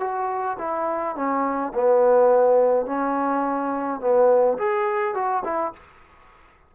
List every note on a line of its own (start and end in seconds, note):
0.00 0.57 F#4
0.58 1.16 E4
1.16 1.73 C#4
1.75 2.86 B3
2.86 4.01 C#4
4.01 4.58 B3
4.58 5.15 G#4
5.15 5.43 F#4
5.44 5.73 E4